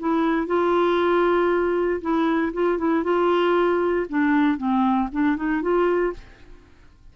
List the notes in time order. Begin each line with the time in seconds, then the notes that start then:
0.00 E4
0.47 F4
2.01 E4
2.54 F4
2.79 E4
3.04 F4
4.10 D4
4.58 C4
5.12 D4
5.37 D#4
5.62 F4